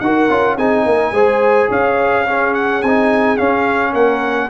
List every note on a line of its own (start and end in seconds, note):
0.00 0.29 D#4
0.00 0.30 F#4
0.00 0.57 A#4
0.00 0.56 F#5
0.30 0.58 C#4
0.30 0.58 F4
0.57 0.86 C4
0.57 1.14 D#4
0.57 0.85 G#4
0.57 1.70 G#5
0.86 1.12 A#3
0.86 1.13 A#4
1.12 1.68 G#3
1.12 2.26 G#4
1.12 1.69 C5
1.69 2.83 C#4
1.69 2.25 C#5
1.69 2.55 F5
2.27 2.83 C#4
2.27 3.93 G#4
2.55 2.82 F#5
2.82 3.39 C4
2.82 3.38 D#4
2.82 3.37 G#5
3.37 4.50 C#4
3.37 3.94 C#4
3.37 3.94 F5
3.93 4.50 A#3
3.93 4.49 A#4
3.93 4.50 F#5